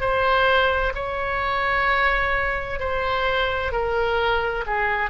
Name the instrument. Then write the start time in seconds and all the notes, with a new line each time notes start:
oboe
0.00 C5
0.95 C#5
2.79 C5
3.72 A#4
4.66 G#4